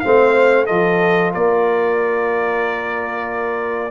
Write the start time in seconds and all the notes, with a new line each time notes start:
0.00 A3 C4 C5 F5
0.66 F3 F4 A4 D#5
1.32 A#3 A#4 D5